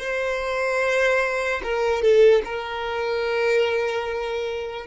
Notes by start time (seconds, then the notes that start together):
0.00 C5
1.64 A#4
2.02 A4
2.45 A#4